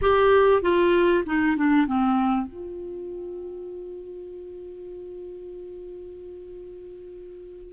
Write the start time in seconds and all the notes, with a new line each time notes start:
0.01 G4
0.62 F4
1.26 D#4
1.56 D4
1.86 C4
2.47 F4